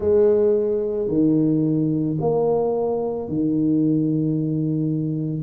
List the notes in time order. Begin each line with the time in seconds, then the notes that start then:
0.00 G#3
1.08 D#3
2.20 A#3
3.28 D#3